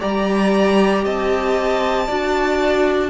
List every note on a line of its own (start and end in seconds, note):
0.00 1.06 G3
0.00 2.07 G4
0.00 1.04 D5
0.00 1.05 A#5
1.04 2.09 C4
1.04 2.06 D#5
1.04 3.10 A5
2.06 3.10 D4
2.06 3.10 F#4
2.06 3.10 D5